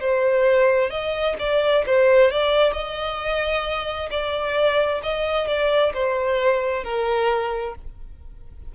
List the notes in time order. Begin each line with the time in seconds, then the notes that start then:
0.00 C5
0.90 D#5
1.39 D5
1.86 C5
2.31 D5
2.73 D#5
4.10 D5
5.03 D#5
5.47 D5
5.93 C5
6.84 A#4